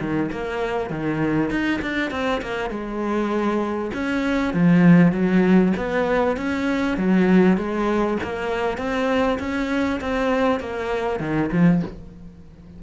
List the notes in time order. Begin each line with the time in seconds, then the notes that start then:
0.00 D#3
0.32 A#3
0.90 D#3
1.50 D#4
1.82 D4
2.11 C4
2.42 A#3
2.70 G#3
3.94 C#4
4.54 F3
5.12 F#3
5.77 B3
6.37 C#4
6.97 F#3
7.57 G#3
8.23 A#3
8.78 C4
9.39 C#4
10.01 C4
10.60 A#3
11.20 D#3
11.52 F3